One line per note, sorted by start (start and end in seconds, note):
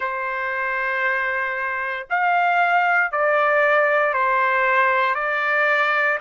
0.00 2.07 C5
2.10 3.11 F5
3.11 4.13 D5
4.13 5.14 C5
5.14 6.18 D5